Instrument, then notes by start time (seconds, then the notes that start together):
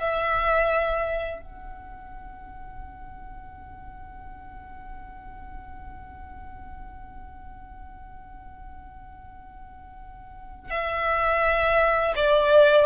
violin
0.00 E5
1.42 F#5
10.71 E5
12.16 D5